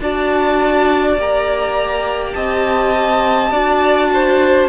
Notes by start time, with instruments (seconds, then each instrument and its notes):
0.00 cello D4, viola F#4, violin D5 A5
1.16 cello A#3, viola G4, violin A#5
2.34 cello C4, violin D#5 A5
3.50 cello D4, viola F#4, violin D5
4.13 violin C5